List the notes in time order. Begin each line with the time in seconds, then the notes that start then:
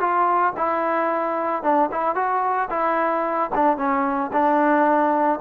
0.00 F4
0.57 E4
1.63 D4
1.92 E4
2.16 F#4
2.70 E4
3.55 D4
3.77 C#4
4.33 D4